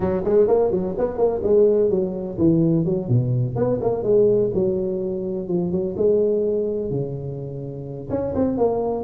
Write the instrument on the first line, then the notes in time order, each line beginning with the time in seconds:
tuba
0.00 F#3
0.24 G#3
0.47 A#3
0.71 F#3
0.97 B3
1.17 A#3
1.43 G#3
1.90 F#3
2.37 E3
2.85 F#3
3.08 B2
3.55 B3
3.81 A#3
4.03 G#3
4.54 F#3
5.48 F3
5.71 F#3
5.96 G#3
6.90 C#3
8.10 C#4
8.34 C4
8.57 A#3